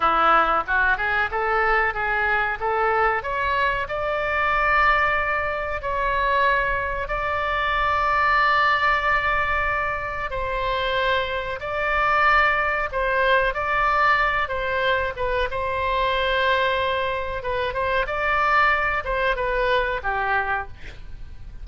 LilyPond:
\new Staff \with { instrumentName = "oboe" } { \time 4/4 \tempo 4 = 93 e'4 fis'8 gis'8 a'4 gis'4 | a'4 cis''4 d''2~ | d''4 cis''2 d''4~ | d''1 |
c''2 d''2 | c''4 d''4. c''4 b'8 | c''2. b'8 c''8 | d''4. c''8 b'4 g'4 | }